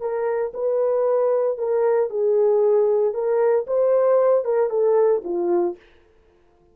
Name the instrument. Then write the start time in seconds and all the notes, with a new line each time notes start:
horn
0.00 A#4
0.54 B4
1.57 A#4
2.10 G#4
3.14 A#4
3.67 C5
4.44 A#4
4.70 A4
5.24 F4